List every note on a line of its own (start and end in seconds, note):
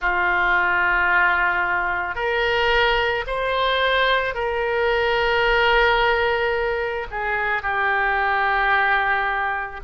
0.01 2.15 F4
2.15 3.24 A#4
3.26 4.34 C5
4.34 7.07 A#4
7.10 7.62 G#4
7.62 9.80 G4